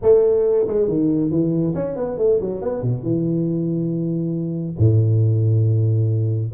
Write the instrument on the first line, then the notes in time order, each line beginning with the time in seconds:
tuba
0.02 A3
0.67 G#3
0.87 D#3
1.30 E3
1.74 C#4
1.96 B3
2.17 A3
2.41 F#3
2.61 B3
2.82 B2
3.03 E3
4.78 A2